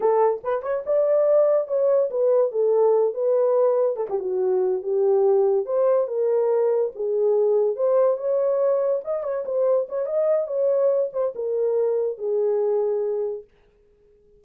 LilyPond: \new Staff \with { instrumentName = "horn" } { \time 4/4 \tempo 4 = 143 a'4 b'8 cis''8 d''2 | cis''4 b'4 a'4. b'8~ | b'4. a'16 g'16 fis'4. g'8~ | g'4. c''4 ais'4.~ |
ais'8 gis'2 c''4 cis''8~ | cis''4. dis''8 cis''8 c''4 cis''8 | dis''4 cis''4. c''8 ais'4~ | ais'4 gis'2. | }